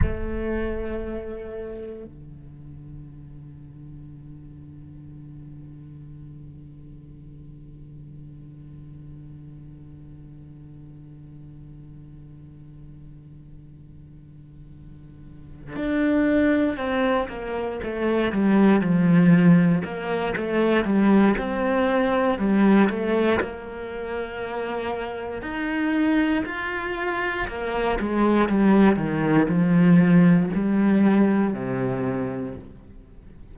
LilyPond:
\new Staff \with { instrumentName = "cello" } { \time 4/4 \tempo 4 = 59 a2 d2~ | d1~ | d1~ | d2.~ d8 d'8~ |
d'8 c'8 ais8 a8 g8 f4 ais8 | a8 g8 c'4 g8 a8 ais4~ | ais4 dis'4 f'4 ais8 gis8 | g8 dis8 f4 g4 c4 | }